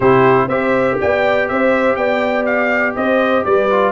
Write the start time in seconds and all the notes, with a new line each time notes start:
0.00 C3 E4 G4 C5
0.47 C4 G4 C5 E5
1.00 B3 D5 G5
1.48 C4 C5 E5
1.95 B3 D5 G5
2.45 F5
2.95 C4 C5 D#5
3.44 G3 B4 D5
3.70 F4